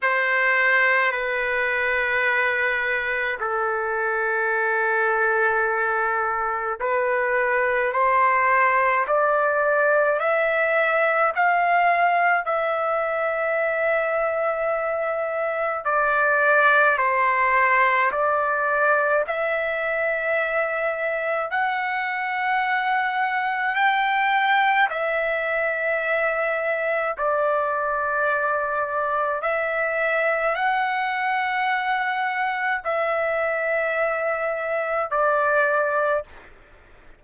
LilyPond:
\new Staff \with { instrumentName = "trumpet" } { \time 4/4 \tempo 4 = 53 c''4 b'2 a'4~ | a'2 b'4 c''4 | d''4 e''4 f''4 e''4~ | e''2 d''4 c''4 |
d''4 e''2 fis''4~ | fis''4 g''4 e''2 | d''2 e''4 fis''4~ | fis''4 e''2 d''4 | }